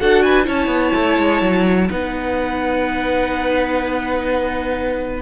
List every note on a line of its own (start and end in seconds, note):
0.00 0.48 D4
0.00 0.45 F#4
0.00 0.24 A4
0.00 0.23 F#5
0.23 0.46 B4
0.23 0.47 G#5
0.45 0.67 C#4
0.45 1.87 E4
0.45 1.88 C#5
0.45 1.90 A5
0.67 0.91 B3
0.95 1.18 A3
1.18 1.42 G#3
1.42 1.89 F#3
1.90 5.22 B3
1.90 5.22 D#4
1.90 5.22 B4
1.90 5.22 F#5